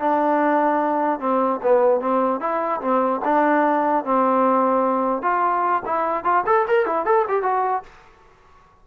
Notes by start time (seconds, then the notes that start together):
0.00 D4
1.20 C4
1.63 B3
2.00 C4
2.40 E4
2.81 C4
3.24 D4
4.05 C4
5.22 F4
5.86 E4
6.24 F4
6.46 A4
6.68 A#4
6.86 E4
7.05 A4
7.28 G4
7.43 F#4